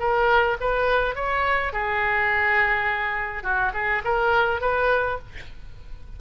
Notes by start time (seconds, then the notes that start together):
0.00 A#4
0.61 B4
1.16 C#5
1.73 G#4
3.44 F#4
3.74 G#4
4.05 A#4
4.61 B4